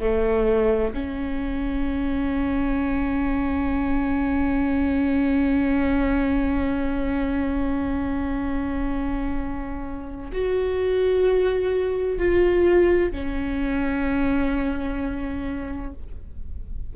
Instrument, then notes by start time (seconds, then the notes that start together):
viola
0.00 A3
0.94 C#4
10.33 F#4
12.19 F4
13.12 C#4